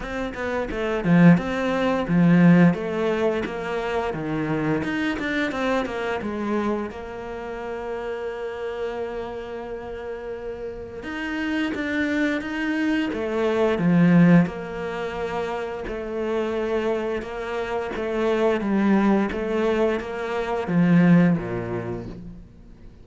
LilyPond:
\new Staff \with { instrumentName = "cello" } { \time 4/4 \tempo 4 = 87 c'8 b8 a8 f8 c'4 f4 | a4 ais4 dis4 dis'8 d'8 | c'8 ais8 gis4 ais2~ | ais1 |
dis'4 d'4 dis'4 a4 | f4 ais2 a4~ | a4 ais4 a4 g4 | a4 ais4 f4 ais,4 | }